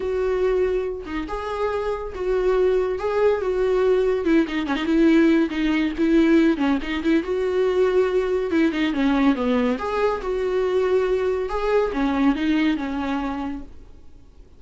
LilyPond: \new Staff \with { instrumentName = "viola" } { \time 4/4 \tempo 4 = 141 fis'2~ fis'8 dis'8 gis'4~ | gis'4 fis'2 gis'4 | fis'2 e'8 dis'8 cis'16 dis'16 e'8~ | e'4 dis'4 e'4. cis'8 |
dis'8 e'8 fis'2. | e'8 dis'8 cis'4 b4 gis'4 | fis'2. gis'4 | cis'4 dis'4 cis'2 | }